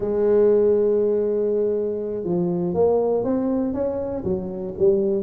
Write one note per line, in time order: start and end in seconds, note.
0.00 2.24 G#3
2.24 2.74 F3
2.74 3.23 A#3
3.23 3.73 C4
3.73 4.23 C#4
4.24 4.74 F#3
4.78 5.23 G3